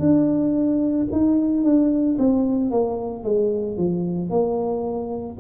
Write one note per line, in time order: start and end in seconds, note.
0.00 1.08 D4
1.12 1.64 D#4
1.64 2.18 D4
2.19 2.71 C4
2.71 3.24 A#3
3.24 3.78 G#3
3.78 4.31 F3
4.31 5.38 A#3